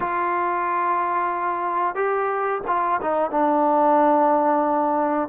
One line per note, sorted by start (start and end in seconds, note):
0.00 1.95 F4
1.95 2.61 G4
2.67 3.00 F4
3.01 3.31 D#4
3.31 5.28 D4